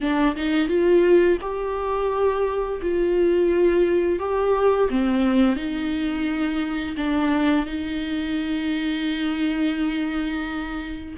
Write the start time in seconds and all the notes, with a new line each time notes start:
0.00 D4
0.36 D#4
0.68 F4
1.41 G4
2.81 F4
4.19 G4
4.90 C4
5.56 D#4
6.96 D4
7.66 D#4